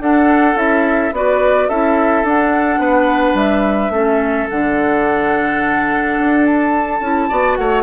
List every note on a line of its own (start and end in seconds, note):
0.00 0.55 D4
0.00 0.56 D4
0.00 1.15 A4
0.00 0.58 F#5
0.55 1.12 C#4
0.55 1.12 E4
0.55 1.14 E5
1.12 1.69 B3
1.12 1.71 F#4
1.12 1.69 B4
1.12 1.70 D5
1.69 2.24 C#4
1.69 2.26 E4
1.69 2.81 A4
1.69 2.26 E5
2.24 2.78 D4
2.24 3.93 D4
2.24 3.37 F#5
2.78 3.34 B3
2.78 3.93 B4
3.34 3.90 G3
3.34 4.49 E5
3.90 4.46 A3
3.90 4.49 C#4
3.90 7.30 A4
4.50 6.19 D3
4.50 7.03 D4
4.50 6.46 F#5
6.19 7.01 D4
6.46 7.56 A5
7.01 7.29 C#4
7.01 7.30 E4
7.30 7.58 B3
7.30 7.84 F#4
7.30 7.58 D5
7.56 7.84 A3
7.56 7.84 C#5
7.56 7.84 F#5